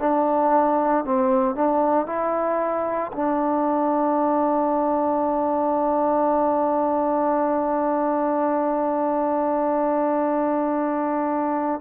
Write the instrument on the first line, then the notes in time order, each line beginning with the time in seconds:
trombone
0.00 D4
1.05 C4
1.56 D4
2.07 E4
3.13 D4